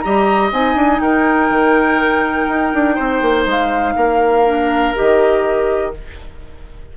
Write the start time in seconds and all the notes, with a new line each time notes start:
0.00 G3 G4 D#5 A#5
0.52 C4 D#4 G#5
0.75 D4
1.00 D#4 A#4 G5
1.50 D#3
2.48 D#4
2.74 D4
2.95 C4 C5
3.21 A#3
3.45 G#3 F5
3.96 A#3 A#4
4.46 D4
4.95 D#3 G4 D#5